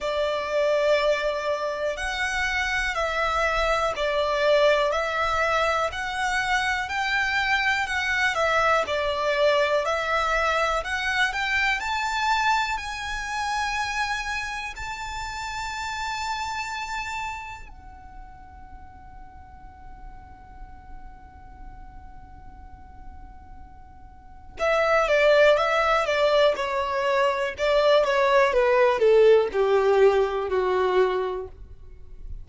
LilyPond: \new Staff \with { instrumentName = "violin" } { \time 4/4 \tempo 4 = 61 d''2 fis''4 e''4 | d''4 e''4 fis''4 g''4 | fis''8 e''8 d''4 e''4 fis''8 g''8 | a''4 gis''2 a''4~ |
a''2 fis''2~ | fis''1~ | fis''4 e''8 d''8 e''8 d''8 cis''4 | d''8 cis''8 b'8 a'8 g'4 fis'4 | }